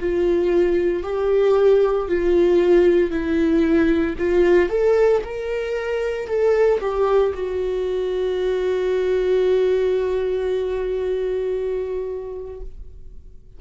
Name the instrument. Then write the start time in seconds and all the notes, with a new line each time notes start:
viola
0.00 F4
1.03 G4
2.09 F4
3.11 E4
4.19 F4
4.70 A4
5.24 A#4
6.28 A4
6.81 G4
7.34 F#4